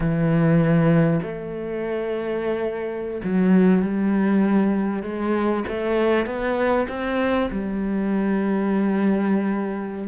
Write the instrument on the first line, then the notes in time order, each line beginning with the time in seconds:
cello
0.00 E3
1.22 A3
3.24 F#3
3.82 G3
5.03 G#3
5.67 A3
6.26 B3
6.88 C4
7.51 G3